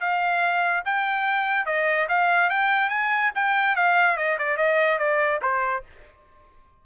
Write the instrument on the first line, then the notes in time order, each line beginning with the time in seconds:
trumpet
0.00 F5
0.85 G5
1.66 D#5
2.09 F5
2.50 G5
2.89 G#5
3.35 G5
3.76 F5
4.17 D#5
4.38 D5
4.57 D#5
4.98 D5
5.42 C5